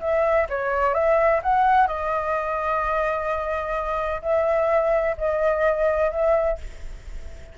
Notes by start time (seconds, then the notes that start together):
0.00 E5
0.49 C#5
0.94 E5
1.43 F#5
1.87 D#5
4.22 E5
5.17 D#5
6.11 E5